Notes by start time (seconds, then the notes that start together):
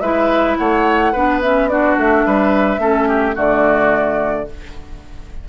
0.00 G#3 E4 B4 E5
0.57 A3 C#5 F#5
1.12 B3 D4 B4
1.41 C#4 E5
1.68 D4 F#4 D5
1.97 A3 E5
2.26 G3 B4
2.78 A3 C#4 A4
3.08 G4
3.34 D3 A3 F#4 D5